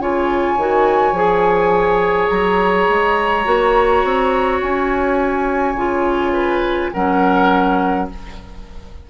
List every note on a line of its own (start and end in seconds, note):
0.00 0.57 C#3
0.00 0.58 F4
0.00 6.33 C#5
0.00 2.29 G#5
0.57 1.13 D#3
0.57 1.16 F#4
1.13 2.28 F3
1.13 3.44 G#4
2.29 2.89 F#3
2.29 4.60 A#5
2.90 3.46 G#3
3.44 4.04 A#3
3.44 5.75 F#4
4.04 4.62 C4
4.62 5.75 C#4
4.62 6.93 G#5
5.75 6.90 C#3
5.75 6.93 F4
6.33 6.91 B4
6.93 8.10 F#3
6.93 8.10 C#4
6.93 8.09 A#4
6.93 8.08 F#5